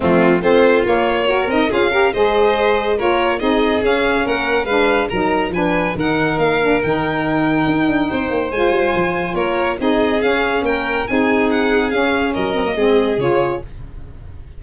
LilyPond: <<
  \new Staff \with { instrumentName = "violin" } { \time 4/4 \tempo 4 = 141 f'4 c''4 cis''4. dis''8 | f''4 dis''2 cis''4 | dis''4 f''4 fis''4 f''4 | ais''4 gis''4 fis''4 f''4 |
g''1 | gis''2 cis''4 dis''4 | f''4 g''4 gis''4 fis''4 | f''4 dis''2 cis''4 | }
  \new Staff \with { instrumentName = "violin" } { \time 4/4 c'4 f'2 ais'4 | gis'8 ais'8 c''2 ais'4 | gis'2 ais'4 b'4 | ais'4 b'4 ais'2~ |
ais'2. c''4~ | c''2 ais'4 gis'4~ | gis'4 ais'4 gis'2~ | gis'4 ais'4 gis'2 | }
  \new Staff \with { instrumentName = "saxophone" } { \time 4/4 a4 c'4 ais4 fis'8 dis'8 | f'8 g'8 gis'2 f'4 | dis'4 cis'2 d'4 | dis'4 d'4 dis'4. d'8 |
dis'1 | f'2. dis'4 | cis'2 dis'2 | cis'4. c'16 ais16 c'4 f'4 | }
  \new Staff \with { instrumentName = "tuba" } { \time 4/4 f4 a4 ais4. c'8 | cis'4 gis2 ais4 | c'4 cis'4 ais4 gis4 | fis4 f4 dis4 ais4 |
dis2 dis'8 d'8 c'8 ais8 | gis8 g8 f4 ais4 c'4 | cis'4 ais4 c'2 | cis'4 fis4 gis4 cis4 | }
>>